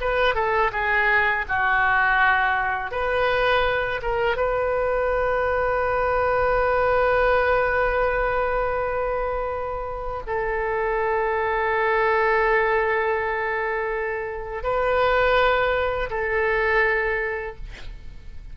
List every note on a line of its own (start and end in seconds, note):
0.00 0.34 B4
0.34 0.71 A4
0.72 1.45 G#4
1.48 2.91 F#4
2.91 4.00 B4
4.02 4.36 A#4
4.36 10.21 B4
10.26 14.63 A4
14.63 16.09 B4
16.09 17.56 A4